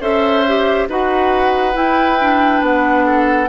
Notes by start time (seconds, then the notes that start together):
0.00 C#4 A4 C5 E5
0.47 G4
0.88 D#4 F#4 B4 F#5
1.73 E4 G5
2.20 D4
2.61 B3 F#5
3.05 A4